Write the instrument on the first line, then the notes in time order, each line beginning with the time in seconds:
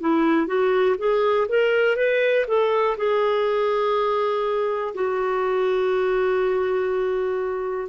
clarinet
0.00 E4
0.46 F#4
0.98 G#4
1.48 A#4
1.96 B4
2.48 A4
2.97 G#4
4.94 F#4